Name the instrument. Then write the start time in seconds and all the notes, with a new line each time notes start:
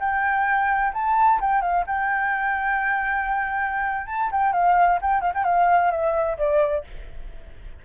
flute
0.00 G5
0.94 A5
1.41 G5
1.62 F5
1.87 G5
4.07 A5
4.31 G5
4.53 F5
5.02 G5
5.21 F5
5.34 G5
5.45 F5
5.91 E5
6.38 D5